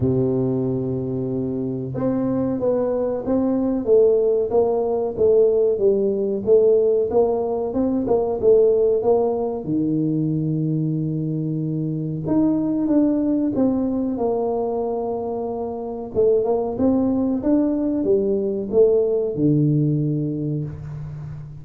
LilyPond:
\new Staff \with { instrumentName = "tuba" } { \time 4/4 \tempo 4 = 93 c2. c'4 | b4 c'4 a4 ais4 | a4 g4 a4 ais4 | c'8 ais8 a4 ais4 dis4~ |
dis2. dis'4 | d'4 c'4 ais2~ | ais4 a8 ais8 c'4 d'4 | g4 a4 d2 | }